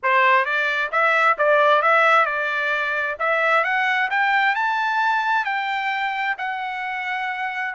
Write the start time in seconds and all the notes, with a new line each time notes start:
0.02 C5
0.45 D5
0.91 E5
1.38 D5
1.82 E5
2.25 D5
3.19 E5
3.64 F#5
4.10 G5
4.55 A5
5.44 G5
6.38 F#5